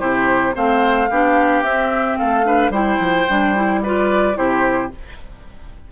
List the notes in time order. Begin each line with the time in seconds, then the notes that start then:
0.00 C3 E4 G4 C5
0.54 A3 C4 C5 F5
1.10 B3 D4 G4
1.63 C4 E5
2.18 A3 A4 F5
2.44 D4 B4
2.70 G3 E4 C5 G5
3.00 F3
3.29 G3 D4
3.56 E4
3.83 F4 B4 D5
4.35 C3 E4 G4 C5